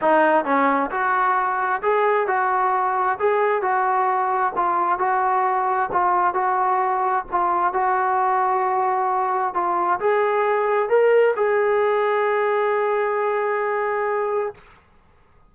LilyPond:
\new Staff \with { instrumentName = "trombone" } { \time 4/4 \tempo 4 = 132 dis'4 cis'4 fis'2 | gis'4 fis'2 gis'4 | fis'2 f'4 fis'4~ | fis'4 f'4 fis'2 |
f'4 fis'2.~ | fis'4 f'4 gis'2 | ais'4 gis'2.~ | gis'1 | }